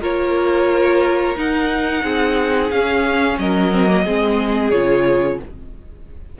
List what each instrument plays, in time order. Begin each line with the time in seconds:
0.00 cello A#3, viola F4, violin A#4 C#5
1.36 cello D#4, viola D#4, violin F#5
2.02 cello C4, violin G#4
2.70 cello C#4, viola C#4, violin F5
3.38 cello F#3, violin A#4 D#5
3.72 viola C4
3.86 viola A#3
4.04 cello G#3, viola C4, violin G#4
4.70 cello C#3, viola F4, violin C#5